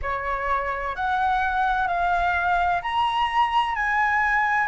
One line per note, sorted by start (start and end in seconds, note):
0.02 0.95 C#5
0.95 1.87 F#5
1.87 2.81 F5
2.82 3.75 A#5
3.75 4.67 G#5